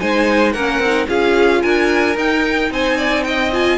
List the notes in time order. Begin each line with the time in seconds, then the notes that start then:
0.00 G#3 D#4 C5 G#5
0.52 A#3 C#4 A#4 F#5
0.79 C4 D#4
1.07 C#4 F4 G#4 F5
1.62 D4 A#4 G#5
2.16 D#4 G5
2.70 C4 C5 G#5
2.97 D5
3.24 D#5 G5
3.53 F4 G#5